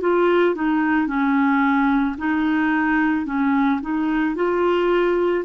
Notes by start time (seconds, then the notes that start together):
0.00 F4
0.55 D#4
1.07 C#4
2.17 D#4
3.26 C#4
3.81 D#4
4.35 F4